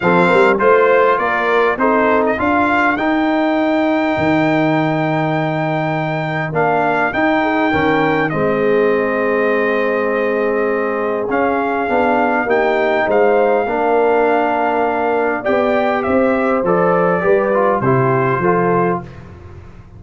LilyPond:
<<
  \new Staff \with { instrumentName = "trumpet" } { \time 4/4 \tempo 4 = 101 f''4 c''4 d''4 c''8. dis''16 | f''4 g''2.~ | g''2. f''4 | g''2 dis''2~ |
dis''2. f''4~ | f''4 g''4 f''2~ | f''2 g''4 e''4 | d''2 c''2 | }
  \new Staff \with { instrumentName = "horn" } { \time 4/4 a'8 ais'8 c''4 ais'4 a'4 | ais'1~ | ais'1~ | ais'8 gis'8 ais'4 gis'2~ |
gis'1~ | gis'4 g'4 c''4 ais'4~ | ais'2 d''4 c''4~ | c''4 b'4 g'4 a'4 | }
  \new Staff \with { instrumentName = "trombone" } { \time 4/4 c'4 f'2 dis'4 | f'4 dis'2.~ | dis'2. d'4 | dis'4 cis'4 c'2~ |
c'2. cis'4 | d'4 dis'2 d'4~ | d'2 g'2 | a'4 g'8 f'8 e'4 f'4 | }
  \new Staff \with { instrumentName = "tuba" } { \time 4/4 f8 g8 a4 ais4 c'4 | d'4 dis'2 dis4~ | dis2. ais4 | dis'4 dis4 gis2~ |
gis2. cis'4 | b4 ais4 gis4 ais4~ | ais2 b4 c'4 | f4 g4 c4 f4 | }
>>